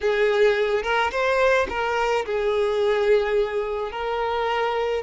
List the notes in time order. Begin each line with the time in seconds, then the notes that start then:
0.01 G#4
0.82 A#4
1.11 C5
1.69 A#4
2.25 G#4
3.91 A#4